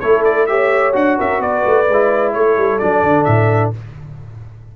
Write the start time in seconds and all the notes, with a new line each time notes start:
0.00 A3 E4 A4 C#5
0.24 D5
0.46 G4 C#5 E5
0.93 D4 F#4 F#5
1.18 C#4 A#4 E5
1.40 B3 B4 D5
1.66 A3
1.89 G#3 E4
2.33 A3 A4 C#5
2.58 G3
2.79 F#3 D4 D5
3.03 D3
3.24 A2 E5